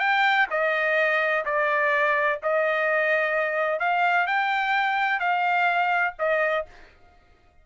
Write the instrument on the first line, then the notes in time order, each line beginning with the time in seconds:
trumpet
0.00 G5
0.51 D#5
1.46 D5
2.43 D#5
3.80 F5
4.27 G5
5.20 F5
6.19 D#5